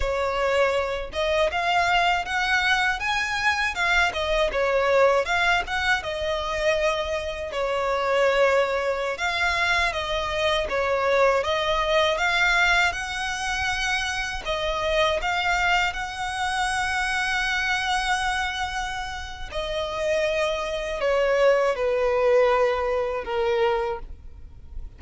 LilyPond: \new Staff \with { instrumentName = "violin" } { \time 4/4 \tempo 4 = 80 cis''4. dis''8 f''4 fis''4 | gis''4 f''8 dis''8 cis''4 f''8 fis''8 | dis''2 cis''2~ | cis''16 f''4 dis''4 cis''4 dis''8.~ |
dis''16 f''4 fis''2 dis''8.~ | dis''16 f''4 fis''2~ fis''8.~ | fis''2 dis''2 | cis''4 b'2 ais'4 | }